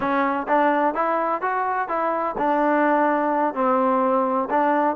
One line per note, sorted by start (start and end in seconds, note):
0.00 0.47 C#4
0.47 0.94 D4
0.94 1.41 E4
1.41 1.88 F#4
1.88 2.35 E4
2.38 3.54 D4
3.54 4.48 C4
4.49 4.96 D4